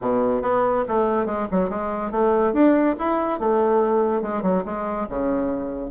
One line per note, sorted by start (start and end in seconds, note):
0.01 0.41 B2
0.41 0.84 B3
0.88 1.26 A3
1.26 1.47 G#3
1.51 1.69 F#3
1.69 2.11 G#3
2.11 2.53 A3
2.53 2.95 D4
2.98 3.39 E4
3.39 4.22 A3
4.22 4.42 G#3
4.42 4.63 F#3
4.65 5.07 G#3
5.09 5.90 C#3